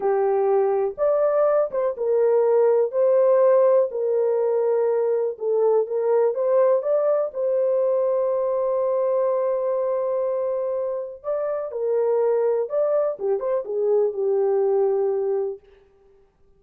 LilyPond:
\new Staff \with { instrumentName = "horn" } { \time 4/4 \tempo 4 = 123 g'2 d''4. c''8 | ais'2 c''2 | ais'2. a'4 | ais'4 c''4 d''4 c''4~ |
c''1~ | c''2. d''4 | ais'2 d''4 g'8 c''8 | gis'4 g'2. | }